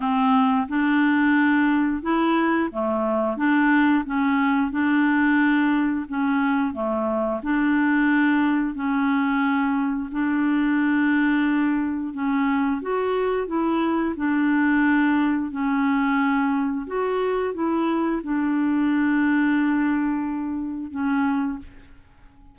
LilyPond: \new Staff \with { instrumentName = "clarinet" } { \time 4/4 \tempo 4 = 89 c'4 d'2 e'4 | a4 d'4 cis'4 d'4~ | d'4 cis'4 a4 d'4~ | d'4 cis'2 d'4~ |
d'2 cis'4 fis'4 | e'4 d'2 cis'4~ | cis'4 fis'4 e'4 d'4~ | d'2. cis'4 | }